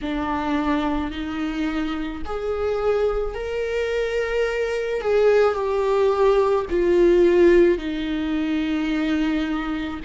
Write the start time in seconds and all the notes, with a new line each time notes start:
0.02 D4
1.11 D#4
2.25 G#4
3.34 A#4
5.01 G#4
5.54 G4
6.70 F4
7.78 D#4